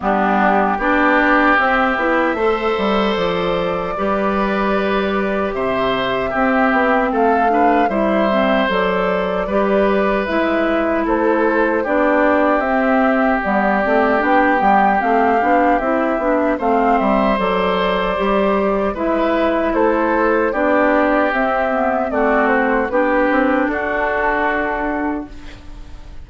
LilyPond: <<
  \new Staff \with { instrumentName = "flute" } { \time 4/4 \tempo 4 = 76 g'4 d''4 e''2 | d''2. e''4~ | e''4 f''4 e''4 d''4~ | d''4 e''4 c''4 d''4 |
e''4 d''4 g''4 f''4 | e''4 f''8 e''8 d''2 | e''4 c''4 d''4 e''4 | d''8 c''8 b'4 a'2 | }
  \new Staff \with { instrumentName = "oboe" } { \time 4/4 d'4 g'2 c''4~ | c''4 b'2 c''4 | g'4 a'8 b'8 c''2 | b'2 a'4 g'4~ |
g'1~ | g'4 c''2. | b'4 a'4 g'2 | fis'4 g'4 fis'2 | }
  \new Staff \with { instrumentName = "clarinet" } { \time 4/4 b4 d'4 c'8 e'8 a'4~ | a'4 g'2. | c'4. d'8 e'8 c'8 a'4 | g'4 e'2 d'4 |
c'4 b8 c'8 d'8 b8 c'8 d'8 | e'8 d'8 c'4 a'4 g'4 | e'2 d'4 c'8 b8 | c'4 d'2. | }
  \new Staff \with { instrumentName = "bassoon" } { \time 4/4 g4 b4 c'8 b8 a8 g8 | f4 g2 c4 | c'8 b8 a4 g4 fis4 | g4 gis4 a4 b4 |
c'4 g8 a8 b8 g8 a8 b8 | c'8 b8 a8 g8 fis4 g4 | gis4 a4 b4 c'4 | a4 b8 c'8 d'2 | }
>>